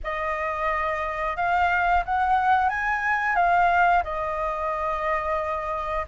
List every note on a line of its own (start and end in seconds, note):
0.03 1.36 D#5
1.36 2.03 F5
2.05 2.69 F#5
2.69 3.35 G#5
3.35 4.03 F5
4.03 6.06 D#5